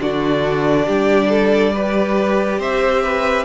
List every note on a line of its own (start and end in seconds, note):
0.00 0.87 D3
0.00 1.74 D4
0.00 0.86 F#4
0.00 2.61 D5
0.86 2.59 G3
0.86 1.29 G4
1.29 1.72 A4
1.73 3.45 G4
1.73 2.59 B4
2.59 3.45 C4
2.59 3.02 C5
2.59 3.45 E5
3.03 3.45 B4